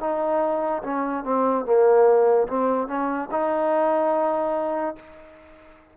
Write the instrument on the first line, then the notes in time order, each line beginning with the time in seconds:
trombone
0.00 D#4
0.83 C#4
1.24 C4
1.65 A#3
2.47 C4
2.87 C#4
3.31 D#4